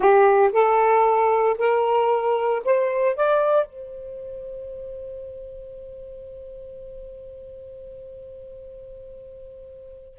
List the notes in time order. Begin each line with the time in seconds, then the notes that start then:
0.00 G4
0.52 A4
1.57 A#4
2.64 C5
3.16 D5
3.66 C5